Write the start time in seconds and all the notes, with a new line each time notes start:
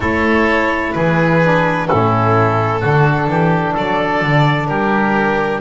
0.00 A3 E4 A4 C#5
0.93 E3 G#4 B4
1.43 D4
1.87 A2 C#4 E4 A4
2.80 D3 D4 F#4
3.27 E3 G4
3.73 F#3 A4 D5
4.22 D3
4.66 G3 G4 A#4